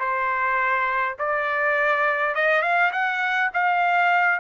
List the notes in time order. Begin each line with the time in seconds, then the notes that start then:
0.00 C5
1.19 D5
2.35 D#5
2.62 F5
2.93 F#5
3.54 F5